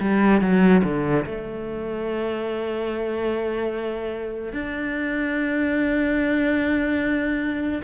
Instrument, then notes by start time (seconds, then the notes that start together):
cello
0.00 G3
0.41 F#3
0.83 D3
1.25 A3
4.53 D4